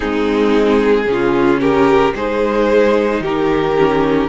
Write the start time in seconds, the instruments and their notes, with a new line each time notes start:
0.00 cello G#3, viola C4, violin D#4 G#4
1.05 cello C#3, viola C#4
1.11 violin F4
1.60 violin G4 A#4
2.14 cello G#3, viola D#4, violin G#4 C5
3.20 cello D#3, violin G4 A#4
3.77 viola C#4